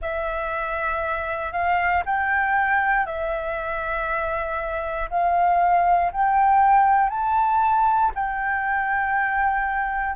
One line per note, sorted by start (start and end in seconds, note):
0.01 1.52 E5
1.52 2.03 F5
2.05 3.06 G5
3.06 5.09 E5
5.09 6.11 F5
6.12 7.09 G5
7.09 8.11 A5
8.14 10.15 G5